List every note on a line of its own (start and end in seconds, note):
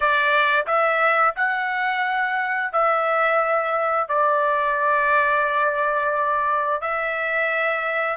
0.00 0.65 D5
0.66 1.34 E5
1.36 2.72 F#5
2.72 4.08 E5
4.08 6.81 D5
6.81 8.16 E5